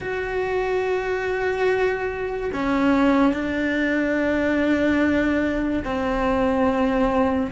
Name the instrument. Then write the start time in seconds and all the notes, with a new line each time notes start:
cello
0.00 F#4
2.53 C#4
3.33 D4
5.84 C4